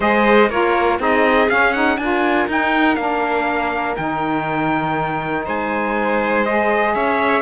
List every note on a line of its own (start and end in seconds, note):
0.00 0.49 G#3
0.00 0.49 G#4
0.00 0.49 C5
0.00 0.50 D#5
0.49 0.99 A#3
0.49 0.98 F4
0.49 0.99 A#4
0.49 0.99 C#5
0.98 1.48 C4
0.98 1.48 D#4
0.98 1.98 G#4
0.98 1.49 D#5
1.49 1.73 C#4
1.49 1.97 C#4
1.49 1.72 F5
1.72 1.99 D#4
1.72 1.97 F#5
1.97 2.47 D4
1.97 2.48 F4
1.97 5.44 A#4
1.97 2.46 G#5
2.47 2.96 D#4
2.47 2.97 D#4
2.47 2.95 G5
2.95 3.95 A#3
2.95 3.97 D4
2.95 3.94 F5
3.96 5.46 D#3
3.96 6.46 D#4
3.96 5.45 G5
5.44 6.95 G#3
5.44 6.93 C5
5.44 6.45 G#5
6.45 7.42 G#4
6.45 6.94 D#5
6.94 7.42 C#4
6.94 7.42 C#5
6.94 7.42 E5